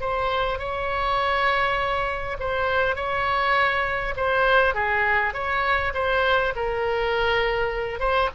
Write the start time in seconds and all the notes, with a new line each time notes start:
0.00 C5
0.59 C#5
2.39 C5
2.95 C#5
4.16 C5
4.74 G#4
5.33 C#5
5.94 C5
6.55 A#4
7.99 C5